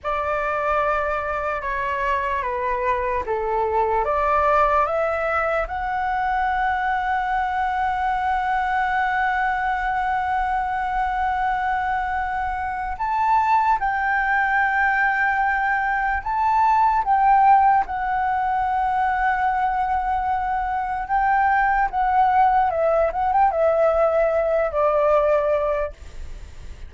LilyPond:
\new Staff \with { instrumentName = "flute" } { \time 4/4 \tempo 4 = 74 d''2 cis''4 b'4 | a'4 d''4 e''4 fis''4~ | fis''1~ | fis''1 |
a''4 g''2. | a''4 g''4 fis''2~ | fis''2 g''4 fis''4 | e''8 fis''16 g''16 e''4. d''4. | }